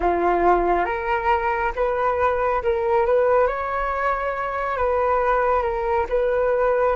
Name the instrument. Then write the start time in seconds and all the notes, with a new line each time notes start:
flute
0.00 F4
0.85 A#4
1.75 B4
2.62 A#4
3.06 B4
3.47 C#5
4.77 B4
5.62 A#4
6.09 B4